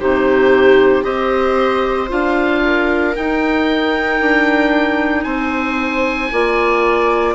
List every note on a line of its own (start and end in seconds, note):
0.00 1.05 C3
0.00 1.03 D#4
0.00 1.04 G4
0.00 1.04 C5
1.03 2.10 C4
1.03 2.08 G4
1.03 2.62 C5
1.03 2.09 D#5
2.09 3.16 D4
2.09 3.14 F4
2.09 3.16 F5
2.64 5.25 A#4
3.15 6.31 D#4
3.15 4.21 D#4
3.15 5.24 G5
4.21 5.25 D4
5.24 6.31 C4
5.24 6.30 C5
5.24 7.35 G#5
6.32 7.36 A#3
6.32 7.36 F4
6.32 7.36 D5